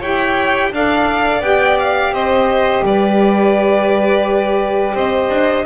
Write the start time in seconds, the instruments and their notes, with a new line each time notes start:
0.00 double bass E4, saxophone G4, violin C#5 G5
0.72 double bass D4, saxophone A4, violin D5 F5
1.41 double bass B3, saxophone G4, violin G5
1.79 violin F5
2.11 double bass C4, violin C5 D#5
2.83 double bass G3, violin B4 D5
4.95 double bass C4, violin C5 D#5
5.30 double bass D4